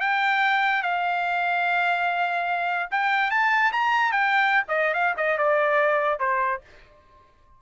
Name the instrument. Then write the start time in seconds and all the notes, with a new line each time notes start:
trumpet
0.00 G5
0.82 F5
2.91 G5
3.30 A5
3.72 A#5
4.11 G5
4.68 D#5
4.94 F5
5.17 D#5
5.38 D5
6.19 C5